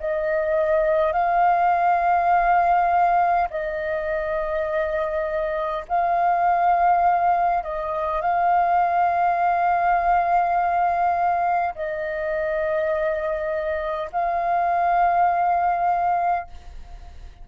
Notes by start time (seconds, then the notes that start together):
0.00 D#5
1.13 F5
3.51 D#5
5.89 F5
7.64 D#5
8.22 F5
11.75 D#5
14.12 F5